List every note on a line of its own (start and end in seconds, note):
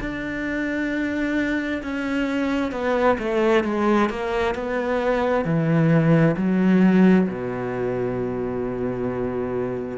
0.00 1.82 D4
1.83 2.71 C#4
2.71 3.17 B3
3.19 3.64 A3
3.64 4.10 G#3
4.10 4.55 A#3
4.55 5.45 B3
5.45 6.36 E3
6.37 7.28 F#3
7.28 9.98 B2